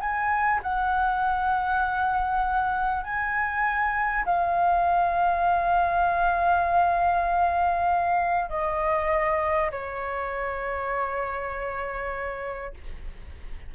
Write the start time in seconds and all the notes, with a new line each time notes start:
0.00 G#5
0.63 F#5
3.04 G#5
4.25 F5
8.49 D#5
9.71 C#5